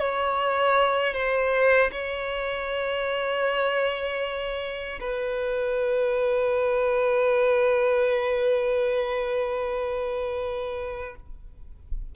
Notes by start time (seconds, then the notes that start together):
0.00 C#5
1.14 C5
1.92 C#5
5.00 B4